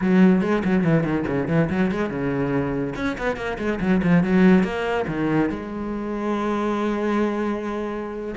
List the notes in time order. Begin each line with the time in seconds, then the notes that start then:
0.01 F#3
0.41 G#3
0.64 F#3
0.84 E3
1.03 D#3
1.27 C#3
1.48 E3
1.70 F#3
1.91 G#3
2.10 C#3
2.95 C#4
3.18 B3
3.36 A#3
3.58 G#3
3.80 F#3
4.02 F3
4.23 F#3
4.63 A#3
5.07 D#3
5.49 G#3